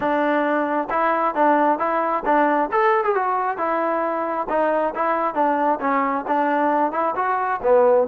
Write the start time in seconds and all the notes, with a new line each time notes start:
0.00 D4
0.90 E4
1.34 D4
1.78 E4
2.25 D4
2.71 A4
3.04 G#4
3.15 F#4
3.57 E4
4.49 D#4
4.95 E4
5.34 D4
5.80 C#4
6.27 D4
6.92 E4
7.15 F#4
7.62 B3